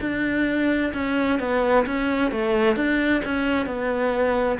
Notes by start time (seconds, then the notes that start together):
0.00 D4
0.93 C#4
1.39 B3
1.86 C#4
2.31 A3
2.76 D4
3.24 C#4
3.66 B3